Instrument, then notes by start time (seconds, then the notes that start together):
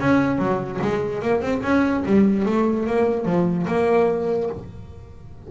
double bass
0.00 C#4
0.38 F#3
0.82 G#3
1.22 A#3
1.41 C4
1.63 C#4
2.06 G3
2.46 A3
2.87 A#3
3.25 F3
3.67 A#3